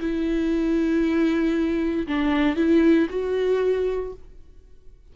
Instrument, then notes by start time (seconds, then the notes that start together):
viola
0.00 E4
2.07 D4
2.56 E4
3.10 F#4